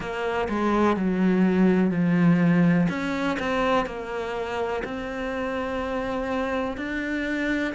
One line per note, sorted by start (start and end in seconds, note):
0.00 0.48 A#3
0.49 0.96 G#3
0.96 1.90 F#3
1.90 2.87 F3
2.89 3.37 C#4
3.39 3.86 C4
3.86 4.83 A#3
4.84 6.77 C4
6.77 7.74 D4